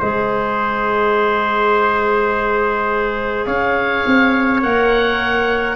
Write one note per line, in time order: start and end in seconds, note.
0.00 3.47 G#3
0.00 4.63 G#4
0.00 3.46 C5
0.00 3.46 D#5
3.46 4.05 C#4
3.46 5.76 C#5
3.46 4.61 F5
4.07 4.64 C4
4.63 5.76 A#3
4.63 5.76 A#4
4.63 5.76 F#5